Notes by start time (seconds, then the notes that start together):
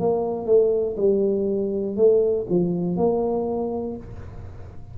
0.00 A#3
0.46 A3
0.97 G3
1.97 A3
2.50 F3
2.97 A#3